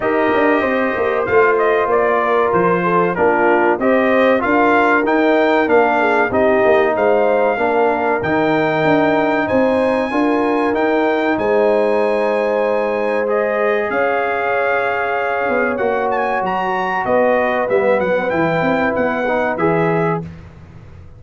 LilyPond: <<
  \new Staff \with { instrumentName = "trumpet" } { \time 4/4 \tempo 4 = 95 dis''2 f''8 dis''8 d''4 | c''4 ais'4 dis''4 f''4 | g''4 f''4 dis''4 f''4~ | f''4 g''2 gis''4~ |
gis''4 g''4 gis''2~ | gis''4 dis''4 f''2~ | f''4 fis''8 gis''8 ais''4 dis''4 | e''8 fis''8 g''4 fis''4 e''4 | }
  \new Staff \with { instrumentName = "horn" } { \time 4/4 ais'4 c''2~ c''8 ais'8~ | ais'8 a'8 f'4 c''4 ais'4~ | ais'4. gis'8 g'4 c''4 | ais'2. c''4 |
ais'2 c''2~ | c''2 cis''2~ | cis''2. b'4~ | b'1 | }
  \new Staff \with { instrumentName = "trombone" } { \time 4/4 g'2 f'2~ | f'4 d'4 g'4 f'4 | dis'4 d'4 dis'2 | d'4 dis'2. |
f'4 dis'2.~ | dis'4 gis'2.~ | gis'4 fis'2. | b4 e'4. dis'8 gis'4 | }
  \new Staff \with { instrumentName = "tuba" } { \time 4/4 dis'8 d'8 c'8 ais8 a4 ais4 | f4 ais4 c'4 d'4 | dis'4 ais4 c'8 ais8 gis4 | ais4 dis4 d'4 c'4 |
d'4 dis'4 gis2~ | gis2 cis'2~ | cis'8 b8 ais4 fis4 b4 | g8 fis8 e8 c'8 b4 e4 | }
>>